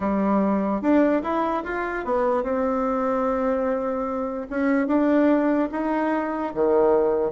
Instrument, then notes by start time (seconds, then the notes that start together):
bassoon
0.00 G3
0.81 D4
1.22 E4
1.63 F4
2.04 B3
2.43 C4
4.50 C#4
4.87 D4
5.71 D#4
6.54 D#3